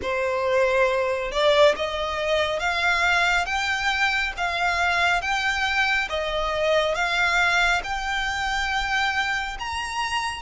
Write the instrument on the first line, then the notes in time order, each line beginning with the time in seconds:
violin
0.02 C5
1.31 D5
1.75 D#5
2.59 F5
3.45 G5
4.37 F5
5.21 G5
6.09 D#5
6.94 F5
7.83 G5
9.59 A#5